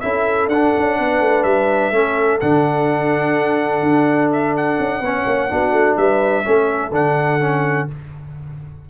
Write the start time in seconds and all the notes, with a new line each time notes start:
0.00 C#4 E4 A4 E5
0.47 D4 F#5
0.54 D4
0.77 C#4
0.99 B3 B4
1.20 A3
1.43 G3 E5
1.91 A3 C#4 A4
2.40 D3 D4 F#5
3.83 D4
4.32 E5
4.57 F#5
4.79 C#4
5.00 B3 C#4 C#5
5.26 A#3
5.50 B3 D4 F#4
5.72 A3
5.97 G3 B4 E5
6.44 A3 C#4 A4
6.91 D3 D4 F#5
7.40 C#4